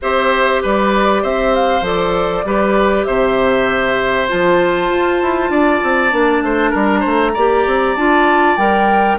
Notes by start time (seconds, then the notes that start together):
0.02 C4 G4 C5 E5
0.62 G3 B4 D5
1.22 C4 C5 E5
1.54 F5
1.81 F3 A4 D5
2.44 G3 G4 B4
3.04 C3 C5 E5
4.28 F3 F4 A5
4.89 F4
5.22 E4
5.49 D4 D5
5.83 C4
6.11 A#3 D4
6.41 A3 C5
6.70 G3 A#4 A#5
7.00 A3 C5
7.34 A#3 G4 D5
7.66 C4
7.95 D4 F4 A5
8.56 G3 A#4 G5